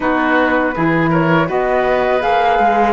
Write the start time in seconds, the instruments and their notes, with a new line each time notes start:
0.00 cello B3, saxophone D#4, oboe F#4, flute B4
0.75 cello E3, saxophone E4, oboe G#4
1.10 oboe A#4, flute C#5
1.46 cello B3, saxophone F#4, oboe B4, flute D#5
2.20 cello A#3, saxophone G#4, flute F5
2.59 cello G#3